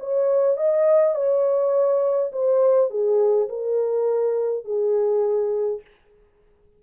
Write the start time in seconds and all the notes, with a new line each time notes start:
0.00 C#5
0.57 D#5
1.15 C#5
2.32 C5
2.90 G#4
3.49 A#4
4.65 G#4